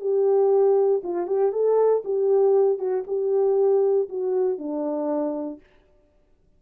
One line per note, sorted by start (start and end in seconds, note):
0.00 1.02 G4
1.03 1.27 F4
1.27 1.52 G4
1.52 2.03 A4
2.05 2.79 G4
2.79 3.04 F#4
3.07 4.09 G4
4.09 4.58 F#4
4.58 5.60 D4